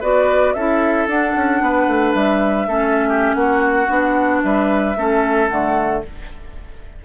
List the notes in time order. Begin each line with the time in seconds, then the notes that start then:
0.00 B3 F#4 B4 D5
0.53 C#4 E4 A4 E5
1.07 D4 F#5
1.36 C#4
1.61 B3 B4
1.87 A3
2.14 G3 E5
2.67 A3 C#4 A4
3.08 G4
3.34 A#3 F#4 F#5
3.88 B3 D4
4.43 G3 B4 E5
4.96 A3 C#4 A4
5.49 D3 A3 F#5